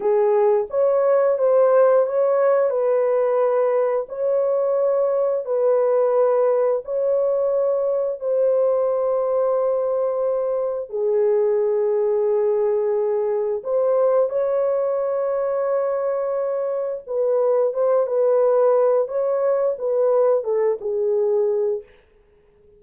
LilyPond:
\new Staff \with { instrumentName = "horn" } { \time 4/4 \tempo 4 = 88 gis'4 cis''4 c''4 cis''4 | b'2 cis''2 | b'2 cis''2 | c''1 |
gis'1 | c''4 cis''2.~ | cis''4 b'4 c''8 b'4. | cis''4 b'4 a'8 gis'4. | }